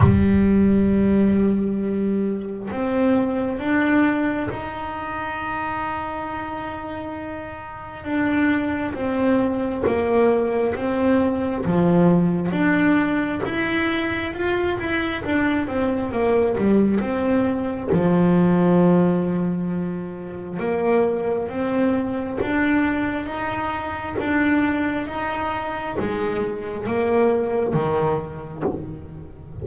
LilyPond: \new Staff \with { instrumentName = "double bass" } { \time 4/4 \tempo 4 = 67 g2. c'4 | d'4 dis'2.~ | dis'4 d'4 c'4 ais4 | c'4 f4 d'4 e'4 |
f'8 e'8 d'8 c'8 ais8 g8 c'4 | f2. ais4 | c'4 d'4 dis'4 d'4 | dis'4 gis4 ais4 dis4 | }